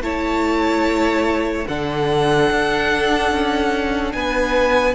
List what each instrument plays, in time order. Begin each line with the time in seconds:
0.00 cello A3, viola E4, violin C#5 A5
1.67 cello D3, viola D4, violin A4 F#5
2.50 cello D4
3.31 cello C#4
4.12 cello B3, violin B4 G#5